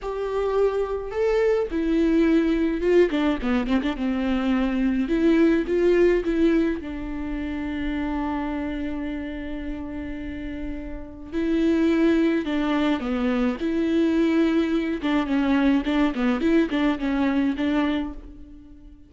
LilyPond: \new Staff \with { instrumentName = "viola" } { \time 4/4 \tempo 4 = 106 g'2 a'4 e'4~ | e'4 f'8 d'8 b8 c'16 d'16 c'4~ | c'4 e'4 f'4 e'4 | d'1~ |
d'1 | e'2 d'4 b4 | e'2~ e'8 d'8 cis'4 | d'8 b8 e'8 d'8 cis'4 d'4 | }